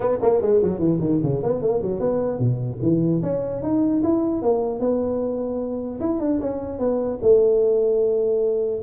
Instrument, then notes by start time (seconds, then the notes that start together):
tuba
0.00 B3
0.22 A#3
0.41 G#3
0.62 F#3
0.79 E3
0.99 D#3
1.23 C#3
1.43 B3
1.61 A#3
1.81 F#3
2.00 B3
2.38 B2
2.81 E3
3.22 C#4
3.62 D#4
4.03 E4
4.42 A#3
4.79 B3
5.99 E4
6.20 D4
6.40 C#4
6.78 B3
7.21 A3